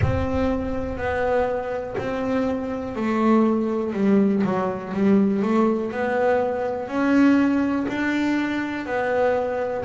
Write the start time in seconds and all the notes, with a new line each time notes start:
0.01 C4
0.97 B3
1.98 C4
2.95 A3
3.93 G3
4.43 F#3
4.93 G3
5.42 A3
5.91 B3
6.88 C#4
7.87 D4
8.85 B3